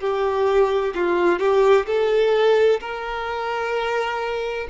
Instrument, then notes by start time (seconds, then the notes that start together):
violin
0.00 G4
0.95 F4
1.39 G4
1.86 A4
2.80 A#4